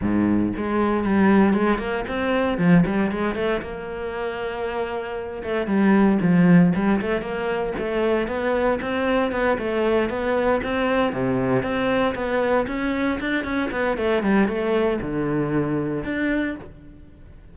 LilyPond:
\new Staff \with { instrumentName = "cello" } { \time 4/4 \tempo 4 = 116 gis,4 gis4 g4 gis8 ais8 | c'4 f8 g8 gis8 a8 ais4~ | ais2~ ais8 a8 g4 | f4 g8 a8 ais4 a4 |
b4 c'4 b8 a4 b8~ | b8 c'4 c4 c'4 b8~ | b8 cis'4 d'8 cis'8 b8 a8 g8 | a4 d2 d'4 | }